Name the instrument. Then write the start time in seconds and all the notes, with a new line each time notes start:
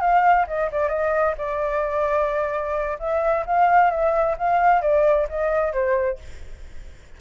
flute
0.00 F5
0.47 D#5
0.71 D5
0.89 D#5
1.37 D5
2.99 E5
3.46 F5
3.90 E5
4.38 F5
4.81 D5
5.29 D#5
5.73 C5